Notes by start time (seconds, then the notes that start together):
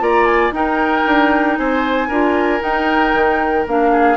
0.00 A#3 F4 D5 A#5
0.25 G#5
0.51 D#4 A#4 G5
1.06 D4
1.57 C4 C5 G#5
2.08 D4 F4 A#4
2.59 D#4 G5
3.13 D#3
3.66 A#3 D4 F5
3.91 G#4